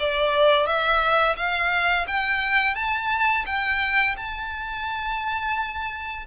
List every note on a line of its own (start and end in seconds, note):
0.00 0.67 D5
0.67 1.36 E5
1.37 2.06 F5
2.07 2.76 G5
2.76 3.45 A5
3.46 4.16 G5
4.17 6.26 A5